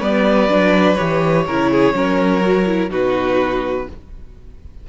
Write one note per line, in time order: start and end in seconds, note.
0.00 0.49 G3
0.00 0.49 B3
0.00 1.45 B4
0.00 0.96 D5
0.49 0.97 F#3
0.49 0.98 D4
0.96 1.48 E3
0.96 1.46 G4
0.96 2.90 C#5
1.47 1.94 C#3
1.47 1.94 E4
1.47 1.71 A#4
1.71 1.96 G#4
1.94 2.90 F#3
1.94 2.41 C#4
1.94 2.91 A#4
2.41 2.65 F#4
2.67 2.91 E4
2.90 3.87 B2
2.90 3.87 D#4
2.90 3.88 F#4
2.90 3.89 B4